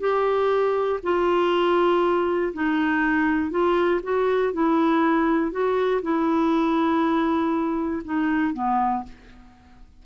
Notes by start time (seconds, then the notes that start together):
0.00 G4
1.03 F4
2.54 D#4
3.51 F4
4.03 F#4
4.53 E4
5.52 F#4
6.02 E4
8.05 D#4
8.54 B3